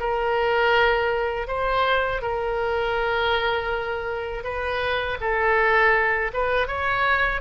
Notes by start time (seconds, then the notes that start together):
0.00 A#4
1.48 C5
2.22 A#4
4.44 B4
5.21 A4
6.34 B4
6.68 C#5